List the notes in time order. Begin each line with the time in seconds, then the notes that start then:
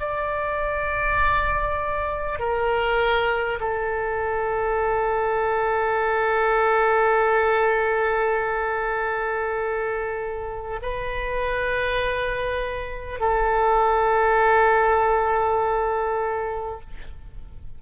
0.00 D5
2.39 A#4
3.61 A4
10.82 B4
13.20 A4